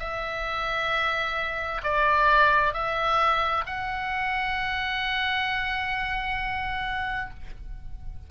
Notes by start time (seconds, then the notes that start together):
0.00 E5
1.83 D5
2.74 E5
3.67 F#5